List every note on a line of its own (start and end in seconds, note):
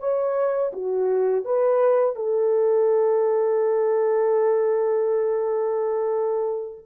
0.00 0.72 C#5
0.73 1.45 F#4
1.45 2.16 B4
2.16 6.86 A4